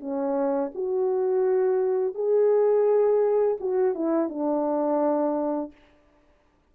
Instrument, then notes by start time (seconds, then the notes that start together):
horn
0.00 C#4
0.75 F#4
2.15 G#4
3.60 F#4
3.95 E4
4.29 D4